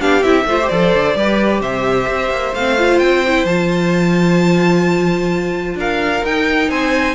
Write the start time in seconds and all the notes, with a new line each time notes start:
0.00 B3 D4 G4 F5
0.23 C4 E4 E5
0.45 A3 F4 C5
0.61 G4
0.68 F3 A4 D5
0.94 D3
1.15 G3 G4 B4
1.61 C3 C5 E5
2.08 C4
2.30 A#3
2.54 A3 C4 F5
2.78 F4
2.99 C4 G5
3.27 E4
3.44 F3 F4 A5
5.75 D4 A#4 F5
6.24 D#4 G5
6.69 C4 C5 G#5